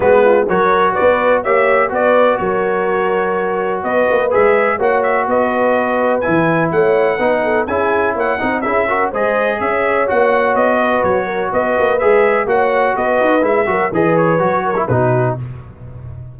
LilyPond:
<<
  \new Staff \with { instrumentName = "trumpet" } { \time 4/4 \tempo 4 = 125 b'4 cis''4 d''4 e''4 | d''4 cis''2. | dis''4 e''4 fis''8 e''8 dis''4~ | dis''4 gis''4 fis''2 |
gis''4 fis''4 e''4 dis''4 | e''4 fis''4 dis''4 cis''4 | dis''4 e''4 fis''4 dis''4 | e''4 dis''8 cis''4. b'4 | }
  \new Staff \with { instrumentName = "horn" } { \time 4/4 fis'8 f'8 ais'4 b'4 cis''4 | b'4 ais'2. | b'2 cis''4 b'4~ | b'2 cis''4 b'8 a'8 |
gis'4 cis''8 dis''8 gis'8 ais'8 c''4 | cis''2~ cis''8 b'4 ais'8 | b'2 cis''4 b'4~ | b'8 ais'8 b'4. ais'8 fis'4 | }
  \new Staff \with { instrumentName = "trombone" } { \time 4/4 b4 fis'2 g'4 | fis'1~ | fis'4 gis'4 fis'2~ | fis'4 e'2 dis'4 |
e'4. dis'8 e'8 fis'8 gis'4~ | gis'4 fis'2.~ | fis'4 gis'4 fis'2 | e'8 fis'8 gis'4 fis'8. e'16 dis'4 | }
  \new Staff \with { instrumentName = "tuba" } { \time 4/4 gis4 fis4 b4 ais4 | b4 fis2. | b8 ais8 gis4 ais4 b4~ | b4 e4 a4 b4 |
cis'4 ais8 c'8 cis'4 gis4 | cis'4 ais4 b4 fis4 | b8 ais8 gis4 ais4 b8 dis'8 | gis8 fis8 e4 fis4 b,4 | }
>>